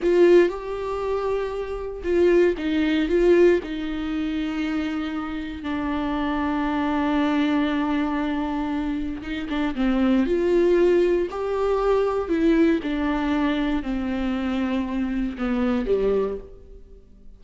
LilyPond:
\new Staff \with { instrumentName = "viola" } { \time 4/4 \tempo 4 = 117 f'4 g'2. | f'4 dis'4 f'4 dis'4~ | dis'2. d'4~ | d'1~ |
d'2 dis'8 d'8 c'4 | f'2 g'2 | e'4 d'2 c'4~ | c'2 b4 g4 | }